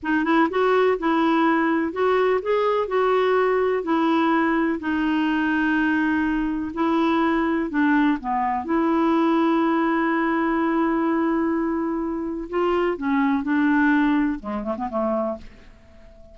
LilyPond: \new Staff \with { instrumentName = "clarinet" } { \time 4/4 \tempo 4 = 125 dis'8 e'8 fis'4 e'2 | fis'4 gis'4 fis'2 | e'2 dis'2~ | dis'2 e'2 |
d'4 b4 e'2~ | e'1~ | e'2 f'4 cis'4 | d'2 gis8 a16 b16 a4 | }